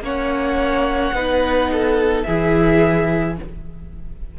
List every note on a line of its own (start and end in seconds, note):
0.00 1.11 A#3
0.00 1.14 C#4
0.00 1.15 C#5
0.00 2.23 F#5
1.12 2.24 B3
1.12 2.26 D#4
1.12 1.71 B4
1.72 2.26 A4
2.23 3.38 E3
2.23 3.39 E4
2.23 3.37 G#4
2.23 3.34 E5